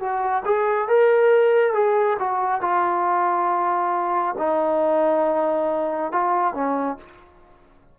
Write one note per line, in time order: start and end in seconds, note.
0.00 0.43 F#4
0.45 0.89 G#4
0.89 1.74 A#4
1.74 2.17 G#4
2.19 2.62 F#4
2.62 4.36 F4
4.38 6.12 D#4
6.12 6.54 F4
6.54 6.98 C#4